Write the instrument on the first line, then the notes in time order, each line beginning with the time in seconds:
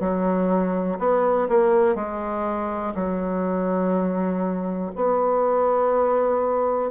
bassoon
0.00 F#3
0.99 B3
1.48 A#3
1.95 G#3
2.95 F#3
4.95 B3